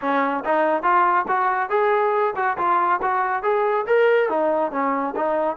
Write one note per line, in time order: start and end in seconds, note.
0.01 0.43 C#4
0.44 0.82 D#4
0.82 1.25 F4
1.28 1.69 F#4
1.69 2.34 G#4
2.36 2.57 F#4
2.57 3.00 F4
3.01 3.42 F#4
3.42 3.85 G#4
3.86 4.29 A#4
4.29 4.71 D#4
4.71 5.14 C#4
5.16 5.56 D#4